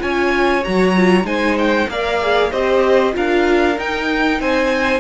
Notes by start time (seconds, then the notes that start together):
0.00 C#4 F4 C#5 G#5
0.65 F#3 F#4 A#5
0.96 F4
1.24 G#3 D#4 C5 G#5
1.59 G5
1.89 A#3 A#4 D5 F5
2.21 G#4
2.51 C4 G4 C5 D#5
3.13 D4 F4 A#4 F5
3.77 D#4 G5
4.40 C4 C5 G#5